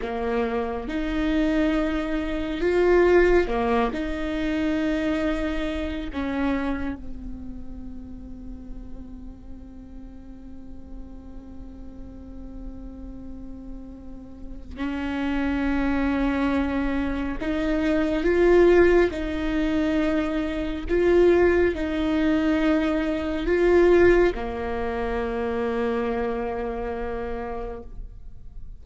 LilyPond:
\new Staff \with { instrumentName = "viola" } { \time 4/4 \tempo 4 = 69 ais4 dis'2 f'4 | ais8 dis'2~ dis'8 cis'4 | c'1~ | c'1~ |
c'4 cis'2. | dis'4 f'4 dis'2 | f'4 dis'2 f'4 | ais1 | }